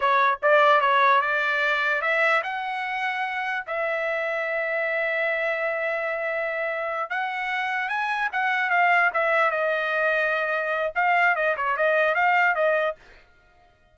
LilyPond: \new Staff \with { instrumentName = "trumpet" } { \time 4/4 \tempo 4 = 148 cis''4 d''4 cis''4 d''4~ | d''4 e''4 fis''2~ | fis''4 e''2.~ | e''1~ |
e''4. fis''2 gis''8~ | gis''8 fis''4 f''4 e''4 dis''8~ | dis''2. f''4 | dis''8 cis''8 dis''4 f''4 dis''4 | }